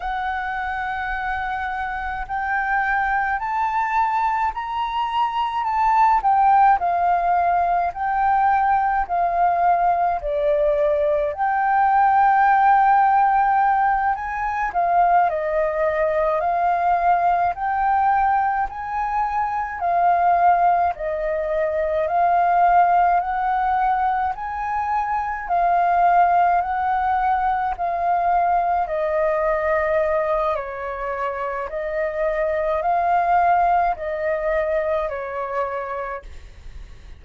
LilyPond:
\new Staff \with { instrumentName = "flute" } { \time 4/4 \tempo 4 = 53 fis''2 g''4 a''4 | ais''4 a''8 g''8 f''4 g''4 | f''4 d''4 g''2~ | g''8 gis''8 f''8 dis''4 f''4 g''8~ |
g''8 gis''4 f''4 dis''4 f''8~ | f''8 fis''4 gis''4 f''4 fis''8~ | fis''8 f''4 dis''4. cis''4 | dis''4 f''4 dis''4 cis''4 | }